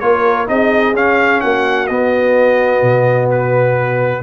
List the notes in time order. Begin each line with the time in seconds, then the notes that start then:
0.00 A#3 F4 A#4 C#5
0.47 C4 D#4 G#4 D#5
0.94 C#4 F5
1.41 A#3 F#4 F#5
1.87 B3 D#5
2.82 B2
3.31 B4